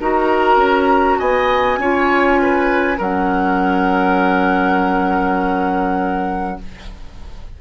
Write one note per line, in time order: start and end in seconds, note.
0.00 0.57 D#4
0.00 1.81 F#4
0.00 1.19 A#4
0.00 1.19 A#5
0.57 1.17 C#4
1.19 1.78 B3
1.19 1.79 D#5
1.19 2.99 G#5
1.78 2.98 C#4
1.78 2.98 F4
1.78 2.41 C#5
2.42 2.98 B4
2.98 6.59 F#3
2.98 6.58 C#4
2.98 6.58 A#4
2.98 6.61 F#5